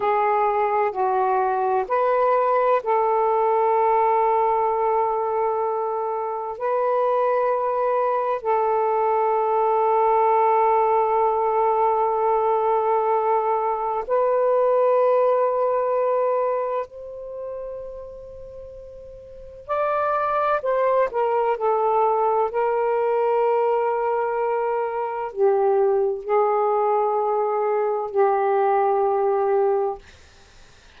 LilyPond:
\new Staff \with { instrumentName = "saxophone" } { \time 4/4 \tempo 4 = 64 gis'4 fis'4 b'4 a'4~ | a'2. b'4~ | b'4 a'2.~ | a'2. b'4~ |
b'2 c''2~ | c''4 d''4 c''8 ais'8 a'4 | ais'2. g'4 | gis'2 g'2 | }